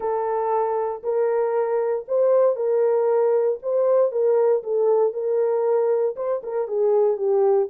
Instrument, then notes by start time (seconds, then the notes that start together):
horn
0.00 A4
1.03 A#4
2.07 C5
2.56 A#4
3.62 C5
4.11 A#4
4.63 A4
5.13 A#4
6.16 C5
6.43 A#4
6.67 G#4
7.17 G4